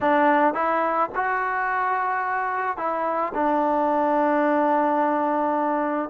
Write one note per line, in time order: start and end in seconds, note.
0.01 0.54 D4
0.54 1.09 E4
1.15 2.77 F#4
2.77 3.32 E4
3.34 6.09 D4